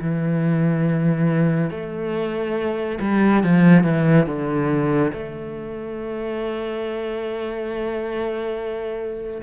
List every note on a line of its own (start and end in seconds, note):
0.00 1.70 E3
1.70 2.98 A3
3.00 3.43 G3
3.43 3.83 F3
3.83 4.26 E3
4.26 5.12 D3
5.13 9.41 A3